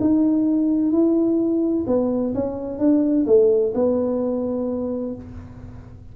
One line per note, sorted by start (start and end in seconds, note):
0.00 0.91 D#4
0.91 1.85 E4
1.86 2.33 B3
2.34 2.78 C#4
2.78 3.26 D4
3.26 3.73 A3
3.74 5.15 B3